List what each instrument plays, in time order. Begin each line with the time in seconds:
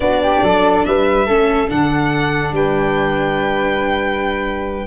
0.00 tuba B3, viola D4, flute F#4, violin D5
0.23 flute G4
0.42 tuba F#3, flute A4
0.84 tuba G3, flute B4, violin E5
1.25 tuba A3, viola C#4, flute A4
1.68 tuba D3, viola D4, violin F#5
2.52 tuba G3, flute B4, violin G5